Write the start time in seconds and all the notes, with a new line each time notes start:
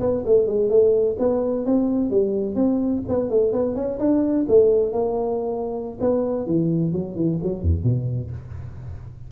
0.00 B3
0.26 A3
0.47 G#3
0.69 A3
1.19 B3
1.66 C4
2.10 G3
2.55 C4
3.08 B3
3.30 A3
3.52 B3
3.75 C#4
3.99 D4
4.48 A3
4.92 A#3
6.00 B3
6.46 E3
6.92 F#3
7.15 E3
7.43 F#3
7.62 E2
7.84 B2